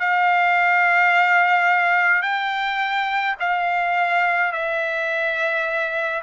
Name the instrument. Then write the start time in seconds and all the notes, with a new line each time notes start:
trumpet
0.00 F5
2.22 G5
3.40 F5
4.52 E5